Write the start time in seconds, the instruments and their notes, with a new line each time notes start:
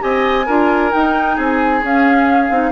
0.00 bassoon C4, clarinet G4, oboe D#5, flute G#5
0.46 bassoon D4, clarinet F4, oboe A#4
0.92 clarinet D#4, bassoon D#4, flute G5
1.36 bassoon C4, oboe G#4, flute G#5
1.83 bassoon C#4, clarinet C#4, flute F5
2.50 bassoon C4, clarinet D#4